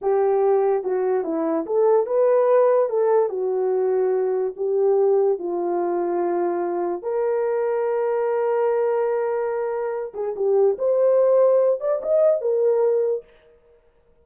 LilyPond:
\new Staff \with { instrumentName = "horn" } { \time 4/4 \tempo 4 = 145 g'2 fis'4 e'4 | a'4 b'2 a'4 | fis'2. g'4~ | g'4 f'2.~ |
f'4 ais'2.~ | ais'1~ | ais'8 gis'8 g'4 c''2~ | c''8 d''8 dis''4 ais'2 | }